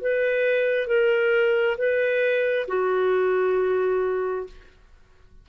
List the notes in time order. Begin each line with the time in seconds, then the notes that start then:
0.00 B4
0.87 A#4
1.77 B4
2.67 F#4